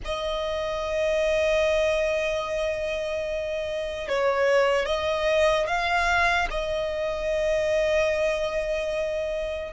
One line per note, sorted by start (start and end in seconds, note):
0.04 4.08 D#5
4.08 4.85 C#5
4.85 5.66 D#5
5.66 6.48 F5
6.50 9.73 D#5